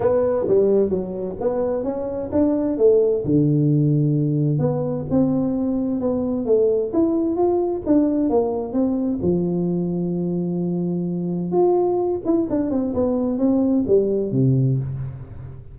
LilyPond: \new Staff \with { instrumentName = "tuba" } { \time 4/4 \tempo 4 = 130 b4 g4 fis4 b4 | cis'4 d'4 a4 d4~ | d2 b4 c'4~ | c'4 b4 a4 e'4 |
f'4 d'4 ais4 c'4 | f1~ | f4 f'4. e'8 d'8 c'8 | b4 c'4 g4 c4 | }